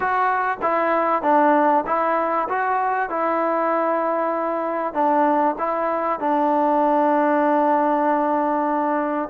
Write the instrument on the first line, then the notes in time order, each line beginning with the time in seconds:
trombone
0.00 F#4
0.62 E4
1.22 D4
1.86 E4
2.49 F#4
3.09 E4
4.93 D4
5.58 E4
6.19 D4